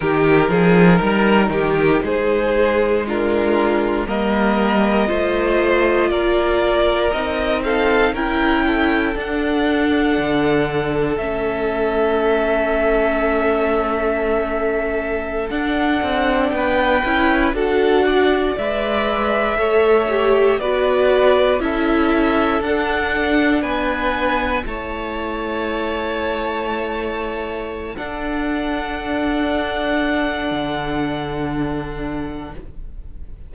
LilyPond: <<
  \new Staff \with { instrumentName = "violin" } { \time 4/4 \tempo 4 = 59 ais'2 c''4 ais'4 | dis''2 d''4 dis''8 f''8 | g''4 fis''2 e''4~ | e''2.~ e''16 fis''8.~ |
fis''16 g''4 fis''4 e''4.~ e''16~ | e''16 d''4 e''4 fis''4 gis''8.~ | gis''16 a''2.~ a''16 fis''8~ | fis''1 | }
  \new Staff \with { instrumentName = "violin" } { \time 4/4 g'8 gis'8 ais'8 g'8 gis'4 f'4 | ais'4 c''4 ais'4. a'8 | ais'8 a'2.~ a'8~ | a'1~ |
a'16 b'4 a'8 d''4. cis''8.~ | cis''16 b'4 a'2 b'8.~ | b'16 cis''2.~ cis''16 a'8~ | a'1 | }
  \new Staff \with { instrumentName = "viola" } { \time 4/4 dis'2. d'4 | ais4 f'2 dis'4 | e'4 d'2 cis'4~ | cis'2.~ cis'16 d'8.~ |
d'8. e'8 fis'4 b'4 a'8 g'16~ | g'16 fis'4 e'4 d'4.~ d'16~ | d'16 e'2.~ e'16 d'8~ | d'1 | }
  \new Staff \with { instrumentName = "cello" } { \time 4/4 dis8 f8 g8 dis8 gis2 | g4 a4 ais4 c'4 | cis'4 d'4 d4 a4~ | a2.~ a16 d'8 c'16~ |
c'16 b8 cis'8 d'4 gis4 a8.~ | a16 b4 cis'4 d'4 b8.~ | b16 a2.~ a16 d'8~ | d'2 d2 | }
>>